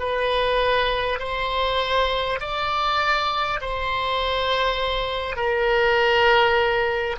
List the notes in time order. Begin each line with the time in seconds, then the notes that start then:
0.00 B4
1.19 C5
2.41 D5
3.62 C5
5.36 A#4